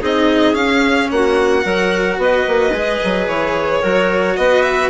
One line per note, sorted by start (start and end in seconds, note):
0.00 0.55 C4
0.00 0.54 D#4
0.00 1.09 G#4
0.00 0.55 D#5
0.54 1.61 C#4
0.54 1.10 C#4
0.54 1.09 F5
1.11 1.65 A#3
1.11 1.63 F#4
1.11 2.21 F#5
1.61 2.18 F#3
1.61 2.70 F#4
1.61 2.18 A#4
2.18 2.45 B3
2.18 3.80 B4
2.18 3.28 D#5
2.47 2.72 A#3
2.72 2.99 G#3
2.72 3.83 G#4
3.04 3.28 F#3
3.28 3.82 E3
3.28 4.37 C#5
3.80 4.38 F#3
3.80 4.90 F#4
3.80 4.35 A#4
4.37 4.90 B3
4.37 4.90 B4
4.37 4.63 D#5
4.63 4.90 E5